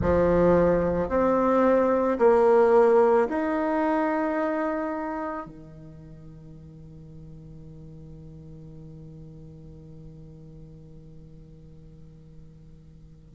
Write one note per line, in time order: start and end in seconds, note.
0.01 1.09 F3
1.09 2.18 C4
2.18 3.27 A#3
3.28 5.46 D#4
5.46 13.34 D#3